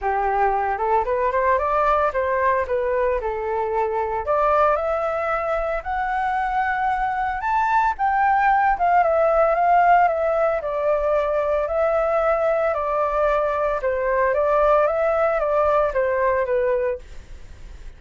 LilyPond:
\new Staff \with { instrumentName = "flute" } { \time 4/4 \tempo 4 = 113 g'4. a'8 b'8 c''8 d''4 | c''4 b'4 a'2 | d''4 e''2 fis''4~ | fis''2 a''4 g''4~ |
g''8 f''8 e''4 f''4 e''4 | d''2 e''2 | d''2 c''4 d''4 | e''4 d''4 c''4 b'4 | }